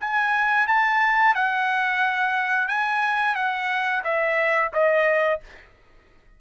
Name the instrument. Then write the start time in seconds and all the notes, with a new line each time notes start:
trumpet
0.00 G#5
0.67 A5
1.35 F#5
2.68 G#5
3.35 F#5
4.04 E5
4.73 D#5